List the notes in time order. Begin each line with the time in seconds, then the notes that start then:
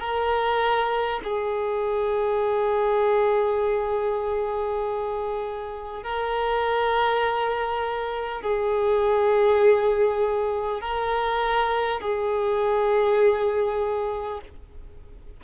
0.00 A#4
1.23 G#4
6.03 A#4
8.42 G#4
10.81 A#4
12.00 G#4